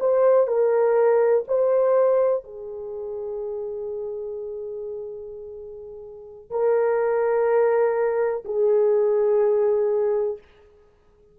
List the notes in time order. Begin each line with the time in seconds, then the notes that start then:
0.00 C5
0.48 A#4
1.48 C5
2.44 G#4
6.51 A#4
8.45 G#4